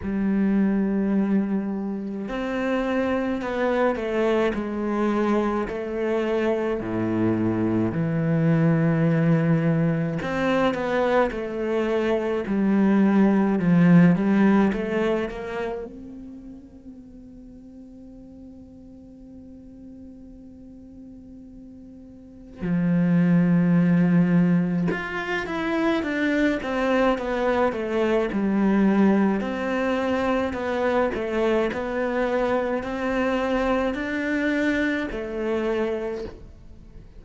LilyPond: \new Staff \with { instrumentName = "cello" } { \time 4/4 \tempo 4 = 53 g2 c'4 b8 a8 | gis4 a4 a,4 e4~ | e4 c'8 b8 a4 g4 | f8 g8 a8 ais8 c'2~ |
c'1 | f2 f'8 e'8 d'8 c'8 | b8 a8 g4 c'4 b8 a8 | b4 c'4 d'4 a4 | }